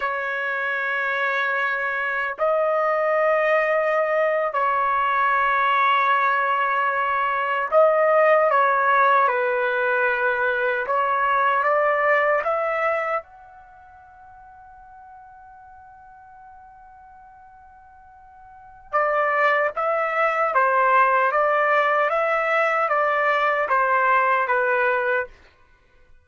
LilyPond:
\new Staff \with { instrumentName = "trumpet" } { \time 4/4 \tempo 4 = 76 cis''2. dis''4~ | dis''4.~ dis''16 cis''2~ cis''16~ | cis''4.~ cis''16 dis''4 cis''4 b'16~ | b'4.~ b'16 cis''4 d''4 e''16~ |
e''8. fis''2.~ fis''16~ | fis''1 | d''4 e''4 c''4 d''4 | e''4 d''4 c''4 b'4 | }